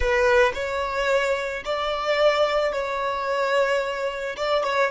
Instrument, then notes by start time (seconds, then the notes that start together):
violin
0.00 B4
0.54 C#5
1.64 D5
2.72 C#5
4.36 D5
4.63 C#5